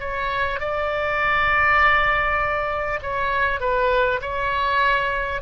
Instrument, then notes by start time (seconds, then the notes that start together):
oboe
0.00 C#5
0.60 D5
3.02 C#5
3.61 B4
4.22 C#5